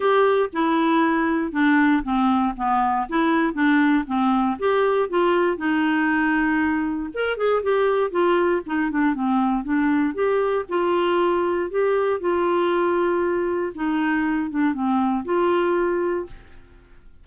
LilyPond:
\new Staff \with { instrumentName = "clarinet" } { \time 4/4 \tempo 4 = 118 g'4 e'2 d'4 | c'4 b4 e'4 d'4 | c'4 g'4 f'4 dis'4~ | dis'2 ais'8 gis'8 g'4 |
f'4 dis'8 d'8 c'4 d'4 | g'4 f'2 g'4 | f'2. dis'4~ | dis'8 d'8 c'4 f'2 | }